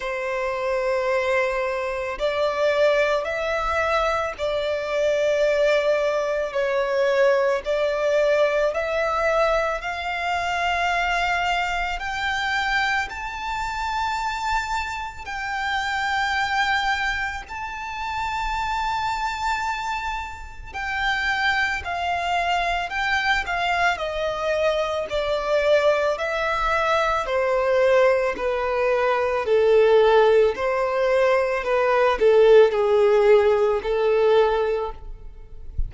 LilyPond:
\new Staff \with { instrumentName = "violin" } { \time 4/4 \tempo 4 = 55 c''2 d''4 e''4 | d''2 cis''4 d''4 | e''4 f''2 g''4 | a''2 g''2 |
a''2. g''4 | f''4 g''8 f''8 dis''4 d''4 | e''4 c''4 b'4 a'4 | c''4 b'8 a'8 gis'4 a'4 | }